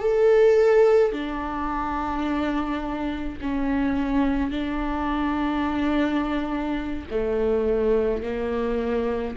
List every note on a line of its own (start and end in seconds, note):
0.00 1.13 A4
1.13 3.39 D4
3.41 4.51 C#4
4.51 7.06 D4
7.11 8.23 A3
8.23 9.37 A#3